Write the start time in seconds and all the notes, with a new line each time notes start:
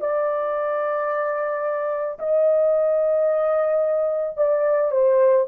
0.00 D5
2.19 D#5
4.37 D5
4.91 C5